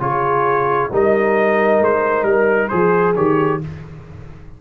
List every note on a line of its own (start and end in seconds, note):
0.00 0.90 C#3
0.00 0.90 F4
0.00 0.91 G#4
0.00 0.90 C#5
0.91 1.80 G3
0.91 2.70 D#4
0.91 2.70 A#4
0.91 1.84 D#5
1.80 2.23 G#3
1.80 2.24 C5
2.23 2.68 G3
2.23 2.68 A#4
2.68 3.16 F3
2.68 3.15 G#4
2.68 3.60 G#4
2.68 3.13 C5
3.16 3.61 D#3
3.16 3.61 G4
3.16 3.61 C#5